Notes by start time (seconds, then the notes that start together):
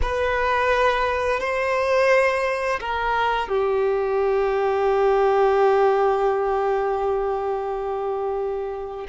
0.02 B4
1.40 C5
2.80 A#4
3.48 G4